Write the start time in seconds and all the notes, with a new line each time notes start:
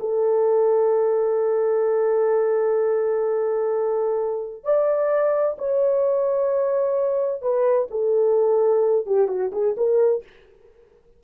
0.00 A4
4.64 D5
5.59 C#5
7.42 B4
7.91 A4
9.07 G4
9.28 F#4
9.52 G#4
9.77 A#4